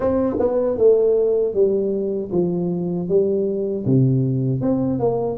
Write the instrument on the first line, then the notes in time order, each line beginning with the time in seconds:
tuba
0.00 C4
0.39 B3
0.77 A3
1.53 G3
2.31 F3
3.08 G3
3.85 C3
4.61 C4
4.99 A#3